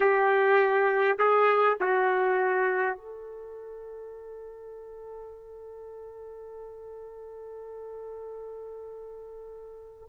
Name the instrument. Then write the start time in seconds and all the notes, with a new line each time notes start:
trumpet
0.00 G4
1.18 G#4
1.80 F#4
2.97 A4